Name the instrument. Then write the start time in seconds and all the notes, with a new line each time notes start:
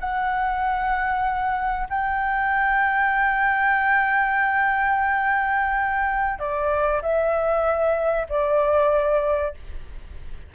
flute
0.00 F#5
1.89 G5
6.39 D5
7.02 E5
8.29 D5